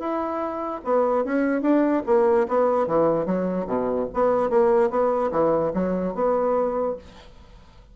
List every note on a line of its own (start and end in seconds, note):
0.00 0.82 E4
0.85 1.25 B3
1.25 1.62 C#4
1.62 2.03 D4
2.07 2.47 A#3
2.49 2.88 B3
2.88 3.26 E3
3.26 3.67 F#3
3.67 4.08 B2
4.14 4.50 B3
4.50 4.91 A#3
4.91 5.31 B3
5.32 5.73 E3
5.74 6.15 F#3
6.15 6.97 B3